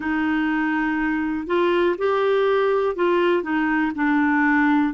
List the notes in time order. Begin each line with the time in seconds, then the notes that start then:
0.00 D#4
1.47 F4
1.98 G4
2.95 F4
3.42 D#4
3.95 D4